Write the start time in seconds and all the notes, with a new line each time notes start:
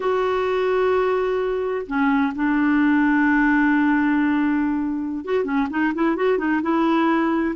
0.00 F#4
1.86 C#4
2.35 D4
5.24 F#4
5.44 C#4
5.70 D#4
5.94 E4
6.15 F#4
6.37 D#4
6.62 E4